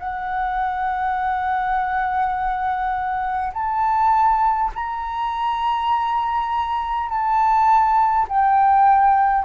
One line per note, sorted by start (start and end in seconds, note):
0.00 3.53 F#5
3.53 4.71 A5
4.75 7.09 A#5
7.09 8.27 A5
8.29 9.45 G5